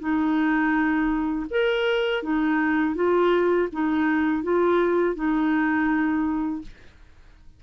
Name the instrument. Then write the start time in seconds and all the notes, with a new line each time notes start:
clarinet
0.00 D#4
1.51 A#4
2.23 D#4
2.95 F4
3.73 D#4
4.44 F4
5.16 D#4